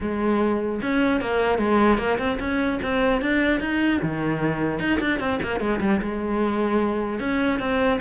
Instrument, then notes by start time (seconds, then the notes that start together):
cello
0.01 G#3
0.82 C#4
1.21 A#3
1.58 G#3
1.98 A#3
2.18 C4
2.39 C#4
2.82 C4
3.21 D4
3.60 D#4
4.02 D#3
4.79 D#4
5.00 D4
5.19 C4
5.42 A#3
5.60 G#3
5.80 G3
6.01 G#3
7.19 C#4
7.59 C4